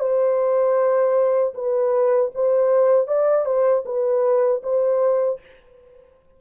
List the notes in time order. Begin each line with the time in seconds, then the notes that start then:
0.00 C5
1.54 B4
2.35 C5
3.07 D5
3.45 C5
3.85 B4
4.63 C5